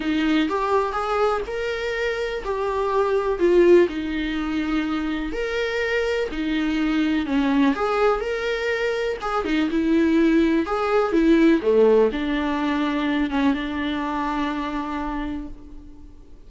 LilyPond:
\new Staff \with { instrumentName = "viola" } { \time 4/4 \tempo 4 = 124 dis'4 g'4 gis'4 ais'4~ | ais'4 g'2 f'4 | dis'2. ais'4~ | ais'4 dis'2 cis'4 |
gis'4 ais'2 gis'8 dis'8 | e'2 gis'4 e'4 | a4 d'2~ d'8 cis'8 | d'1 | }